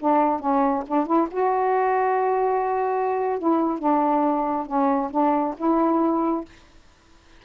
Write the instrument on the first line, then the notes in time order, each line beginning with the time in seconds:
saxophone
0.00 D4
0.40 C#4
0.87 D4
1.07 E4
1.31 F#4
3.39 E4
3.79 D4
4.67 C#4
5.11 D4
5.57 E4